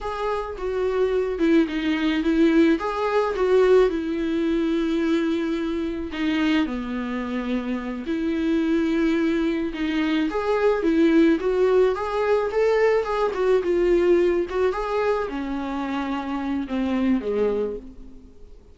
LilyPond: \new Staff \with { instrumentName = "viola" } { \time 4/4 \tempo 4 = 108 gis'4 fis'4. e'8 dis'4 | e'4 gis'4 fis'4 e'4~ | e'2. dis'4 | b2~ b8 e'4.~ |
e'4. dis'4 gis'4 e'8~ | e'8 fis'4 gis'4 a'4 gis'8 | fis'8 f'4. fis'8 gis'4 cis'8~ | cis'2 c'4 gis4 | }